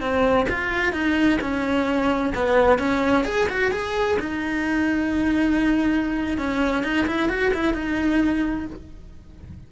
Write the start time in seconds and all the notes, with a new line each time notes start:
0.00 C4
0.49 F4
0.92 D#4
1.41 C#4
2.34 B3
2.78 C#4
3.25 G#4
3.49 F#4
3.71 G#4
4.19 D#4
6.37 C#4
6.83 D#4
7.06 E4
7.29 F#4
7.54 E4
7.73 D#4